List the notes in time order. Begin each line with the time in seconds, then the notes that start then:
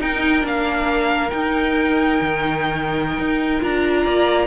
0.00 D#4 A#4 G5
0.41 A#3 D4
0.47 F5
1.30 D#4 G5
2.21 D#3
3.19 D#4
3.60 D4 F4 A#5
4.03 A#3 D5